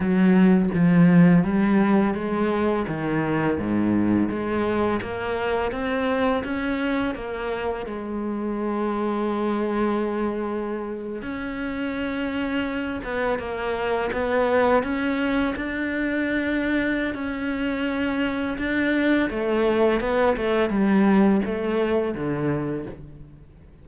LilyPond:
\new Staff \with { instrumentName = "cello" } { \time 4/4 \tempo 4 = 84 fis4 f4 g4 gis4 | dis4 gis,4 gis4 ais4 | c'4 cis'4 ais4 gis4~ | gis2.~ gis8. cis'16~ |
cis'2~ cis'16 b8 ais4 b16~ | b8. cis'4 d'2~ d'16 | cis'2 d'4 a4 | b8 a8 g4 a4 d4 | }